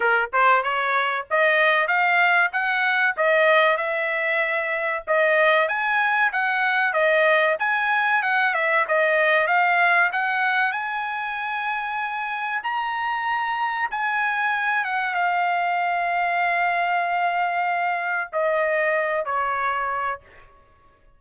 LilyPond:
\new Staff \with { instrumentName = "trumpet" } { \time 4/4 \tempo 4 = 95 ais'8 c''8 cis''4 dis''4 f''4 | fis''4 dis''4 e''2 | dis''4 gis''4 fis''4 dis''4 | gis''4 fis''8 e''8 dis''4 f''4 |
fis''4 gis''2. | ais''2 gis''4. fis''8 | f''1~ | f''4 dis''4. cis''4. | }